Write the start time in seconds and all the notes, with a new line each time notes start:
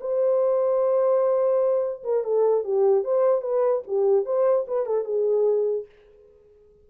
0.00 C5
2.03 A#4
2.24 A4
2.64 G4
3.04 C5
3.41 B4
3.87 G4
4.25 C5
4.67 B4
4.86 A4
5.04 G#4